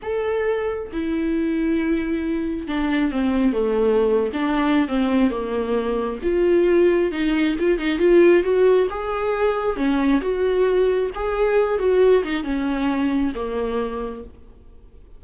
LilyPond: \new Staff \with { instrumentName = "viola" } { \time 4/4 \tempo 4 = 135 a'2 e'2~ | e'2 d'4 c'4 | a4.~ a16 d'4~ d'16 c'4 | ais2 f'2 |
dis'4 f'8 dis'8 f'4 fis'4 | gis'2 cis'4 fis'4~ | fis'4 gis'4. fis'4 dis'8 | cis'2 ais2 | }